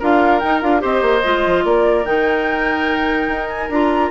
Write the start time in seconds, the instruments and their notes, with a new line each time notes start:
0.00 bassoon D4, clarinet F4, oboe A#4, flute F5
0.40 bassoon D#4, clarinet D#4, flute G5
0.62 bassoon D4, clarinet F4, flute F5
0.80 bassoon C4, clarinet G4, oboe C5, flute D#5
1.02 bassoon A#3
1.24 bassoon G#3, clarinet F4
1.46 bassoon F3
1.65 bassoon A#3, oboe A#4, flute D5
2.05 bassoon D#3, clarinet D#4, flute G5
3.28 bassoon D#4
3.49 flute G#5
3.70 bassoon D4, clarinet F4, flute A#5